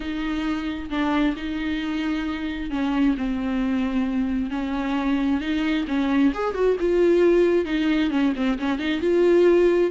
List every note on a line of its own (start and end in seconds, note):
0.00 0.89 D#4
0.90 1.35 D4
1.36 2.70 D#4
2.70 3.15 C#4
3.17 4.50 C4
4.50 5.40 C#4
5.40 5.85 D#4
5.87 6.32 C#4
6.34 6.54 G#4
6.54 6.76 F#4
6.79 7.65 F4
7.65 8.10 D#4
8.10 8.33 C#4
8.36 8.58 C4
8.58 8.78 C#4
8.78 9.00 D#4
9.00 9.90 F4